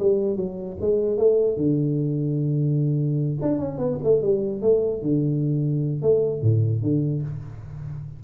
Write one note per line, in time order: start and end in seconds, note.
0.00 0.37 G3
0.37 0.77 F#3
0.81 1.18 G#3
1.18 1.57 A3
1.57 3.38 D3
3.42 3.59 D4
3.59 3.78 C#4
3.78 3.98 B3
4.04 4.22 A3
4.22 4.62 G3
4.62 5.02 A3
5.02 6.02 D3
6.02 6.42 A3
6.42 6.82 A2
6.82 7.22 D3